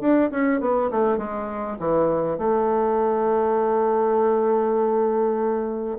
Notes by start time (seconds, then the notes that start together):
0.00 D4
0.31 C#4
0.60 B3
0.90 A3
1.17 G#3
1.79 E3
2.38 A3